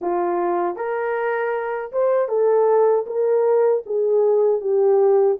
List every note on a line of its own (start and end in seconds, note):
0.01 0.76 F4
0.76 1.91 A#4
1.92 2.28 C5
2.28 3.05 A4
3.06 3.83 A#4
3.86 4.60 G#4
4.60 5.37 G4